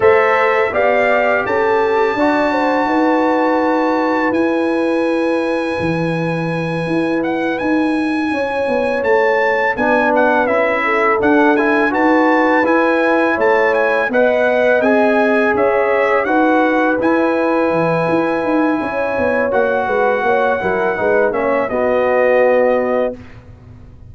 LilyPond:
<<
  \new Staff \with { instrumentName = "trumpet" } { \time 4/4 \tempo 4 = 83 e''4 f''4 a''2~ | a''2 gis''2~ | gis''2 fis''8 gis''4.~ | gis''8 a''4 gis''8 fis''8 e''4 fis''8 |
gis''8 a''4 gis''4 a''8 gis''8 fis''8~ | fis''8 gis''4 e''4 fis''4 gis''8~ | gis''2. fis''4~ | fis''4. e''8 dis''2 | }
  \new Staff \with { instrumentName = "horn" } { \time 4/4 c''4 d''4 a'4 d''8 c''8 | b'1~ | b'2.~ b'8 cis''8~ | cis''4. b'4. a'4~ |
a'8 b'2 cis''4 dis''8~ | dis''4. cis''4 b'4.~ | b'2 cis''4. b'8 | cis''8 ais'8 b'8 cis''8 fis'2 | }
  \new Staff \with { instrumentName = "trombone" } { \time 4/4 a'4 g'2 fis'4~ | fis'2 e'2~ | e'1~ | e'4. d'4 e'4 d'8 |
e'8 fis'4 e'2 b'8~ | b'8 gis'2 fis'4 e'8~ | e'2. fis'4~ | fis'8 e'8 dis'8 cis'8 b2 | }
  \new Staff \with { instrumentName = "tuba" } { \time 4/4 a4 b4 cis'4 d'4 | dis'2 e'2 | e4. e'4 dis'4 cis'8 | b8 a4 b4 cis'4 d'8~ |
d'8 dis'4 e'4 a4 b8~ | b8 c'4 cis'4 dis'4 e'8~ | e'8 e8 e'8 dis'8 cis'8 b8 ais8 gis8 | ais8 fis8 gis8 ais8 b2 | }
>>